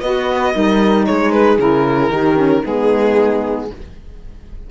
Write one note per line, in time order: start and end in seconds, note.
0.00 0.54 B3
0.00 0.54 F#4
0.00 0.53 B4
0.00 1.05 D#5
0.54 1.07 G3
0.54 1.59 D#4
0.54 1.06 A#4
1.05 1.58 G#3
1.05 2.11 G#4
1.05 1.32 C#5
1.32 1.58 B4
1.58 2.09 C#3
1.58 2.11 E4
1.58 2.65 A#4
2.09 2.62 D#3
2.09 2.36 D#4
2.09 2.63 G4
2.36 2.62 C#4
2.64 3.70 G#3
2.64 3.70 B3
2.64 3.69 D#4
2.64 3.70 G#4